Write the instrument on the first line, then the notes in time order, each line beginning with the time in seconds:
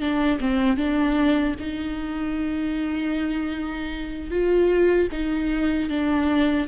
viola
0.00 D4
0.40 C4
0.77 D4
1.59 D#4
4.30 F4
5.11 D#4
5.89 D4